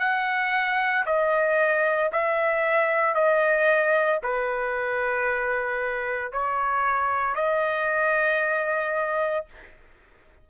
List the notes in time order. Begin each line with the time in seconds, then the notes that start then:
0.00 F#5
1.06 D#5
2.13 E5
3.15 D#5
4.23 B4
6.33 C#5
7.35 D#5